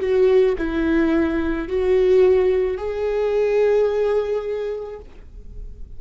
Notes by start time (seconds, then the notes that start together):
0.00 F#4
0.58 E4
1.68 F#4
2.77 G#4